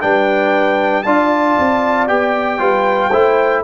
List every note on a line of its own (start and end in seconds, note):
0.00 1.05 G3
0.00 1.03 D4
0.00 1.05 B4
0.00 1.03 G5
1.03 1.57 D4
1.03 2.08 F4
1.03 2.59 D5
1.03 2.06 A5
1.59 2.08 C4
2.08 2.59 B3
2.08 2.59 G4
2.08 3.63 G5
2.59 3.11 G3
2.59 3.11 F4
2.59 3.10 B4
3.10 3.64 A3
3.10 3.64 E4
3.10 3.62 C5